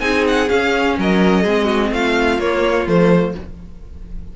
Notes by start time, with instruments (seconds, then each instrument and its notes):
0.00 cello C4, viola D#4, violin G#4 G#5
0.28 violin F#5
0.49 viola C#4, cello C#4, violin F5
0.98 cello F#3, violin A#4 D#5
1.42 cello G#3, viola C4, violin G#4
1.64 violin F#4
1.91 cello A3, violin F4 F5
2.38 cello A#3, viola A#3, violin C#5
2.87 cello F3, viola A3, violin C5